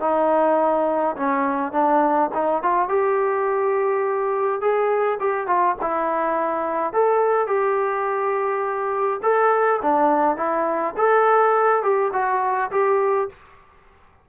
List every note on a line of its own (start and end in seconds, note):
0.00 1.15 D#4
1.16 1.72 C#4
1.72 2.30 D4
2.34 2.62 D#4
2.62 2.88 F4
2.88 4.60 G4
4.60 5.18 G#4
5.19 5.47 G4
5.47 5.75 F4
5.81 6.93 E4
6.93 7.47 A4
7.47 9.20 G4
9.22 9.80 A4
9.82 10.36 D4
10.36 10.94 E4
10.97 11.82 A4
11.82 12.11 G4
12.13 12.70 F#4
12.71 13.28 G4